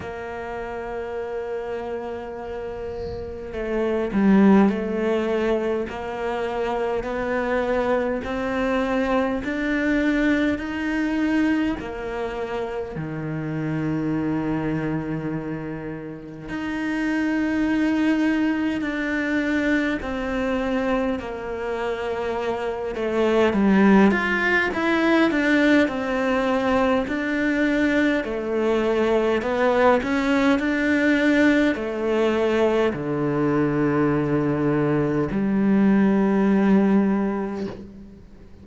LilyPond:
\new Staff \with { instrumentName = "cello" } { \time 4/4 \tempo 4 = 51 ais2. a8 g8 | a4 ais4 b4 c'4 | d'4 dis'4 ais4 dis4~ | dis2 dis'2 |
d'4 c'4 ais4. a8 | g8 f'8 e'8 d'8 c'4 d'4 | a4 b8 cis'8 d'4 a4 | d2 g2 | }